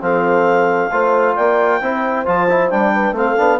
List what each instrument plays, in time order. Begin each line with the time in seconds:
0.00 bassoon F3, trombone C4, horn A4, clarinet F5
0.91 bassoon A3, trombone F4, horn C5
1.35 bassoon A#3, horn D5, clarinet G5
1.80 bassoon C4, trombone E4, horn C5
2.25 bassoon F3, trombone F4, clarinet A5
2.49 trombone E4
2.69 bassoon G3, trombone D4, clarinet G5
2.94 horn B4
3.11 bassoon A3, trombone C4, horn A4, clarinet F5
3.37 bassoon B3, trombone D4